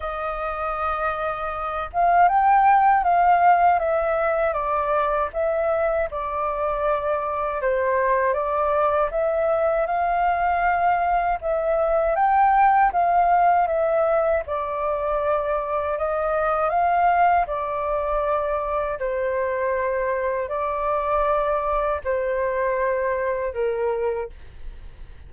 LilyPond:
\new Staff \with { instrumentName = "flute" } { \time 4/4 \tempo 4 = 79 dis''2~ dis''8 f''8 g''4 | f''4 e''4 d''4 e''4 | d''2 c''4 d''4 | e''4 f''2 e''4 |
g''4 f''4 e''4 d''4~ | d''4 dis''4 f''4 d''4~ | d''4 c''2 d''4~ | d''4 c''2 ais'4 | }